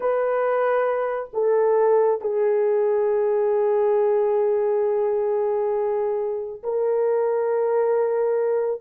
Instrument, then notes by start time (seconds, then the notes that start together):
horn
0.00 B4
1.33 A4
2.21 G#4
6.63 A#4